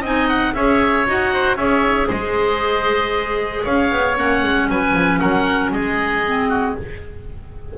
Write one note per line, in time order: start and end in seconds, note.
0.00 0.53 C4
0.00 0.55 D#4
0.00 0.52 D#5
0.00 0.28 G#5
0.28 0.54 F#5
0.54 1.06 C#4
0.54 1.06 G#4
0.54 1.33 C#5
0.54 1.06 E5
1.06 1.56 D#4
1.06 1.58 F#4
1.06 1.57 F#5
1.33 1.57 C5
1.56 2.08 C#4
1.56 4.16 G#4
1.56 2.07 C#5
1.56 2.08 E5
2.07 3.64 G#3
2.07 3.62 C5
2.07 3.65 D#5
3.63 3.91 C#4
3.63 4.67 C#5
3.63 4.16 F5
3.91 4.17 B3
4.16 4.42 A#3
4.16 6.23 C#4
4.16 4.70 F#5
4.43 4.68 G#3
4.68 4.94 F#3
4.68 5.20 B4
4.68 5.19 G#5
4.94 5.19 F3
5.19 5.72 F#3
5.19 5.72 A#4
5.19 5.71 F#5
5.72 6.75 G#3
5.72 6.49 G#4
5.72 6.76 D#5
6.25 6.77 C4
6.49 6.74 F#4